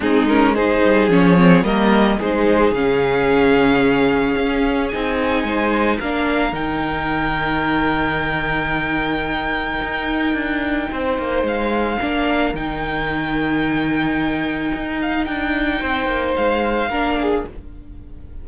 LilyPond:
<<
  \new Staff \with { instrumentName = "violin" } { \time 4/4 \tempo 4 = 110 gis'8 ais'8 c''4 cis''4 dis''4 | c''4 f''2.~ | f''4 gis''2 f''4 | g''1~ |
g''1~ | g''4 f''2 g''4~ | g''2.~ g''8 f''8 | g''2 f''2 | }
  \new Staff \with { instrumentName = "violin" } { \time 4/4 dis'4 gis'2 ais'4 | gis'1~ | gis'2 c''4 ais'4~ | ais'1~ |
ais'1 | c''2 ais'2~ | ais'1~ | ais'4 c''2 ais'8 gis'8 | }
  \new Staff \with { instrumentName = "viola" } { \time 4/4 c'8 cis'8 dis'4 cis'8 c'8 ais4 | dis'4 cis'2.~ | cis'4 dis'2 d'4 | dis'1~ |
dis'1~ | dis'2 d'4 dis'4~ | dis'1~ | dis'2. d'4 | }
  \new Staff \with { instrumentName = "cello" } { \time 4/4 gis4. g8 f4 g4 | gis4 cis2. | cis'4 c'4 gis4 ais4 | dis1~ |
dis2 dis'4 d'4 | c'8 ais8 gis4 ais4 dis4~ | dis2. dis'4 | d'4 c'8 ais8 gis4 ais4 | }
>>